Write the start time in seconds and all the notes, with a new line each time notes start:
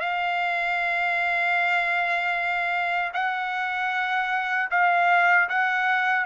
0.00 F5
3.13 F#5
4.70 F5
5.48 F#5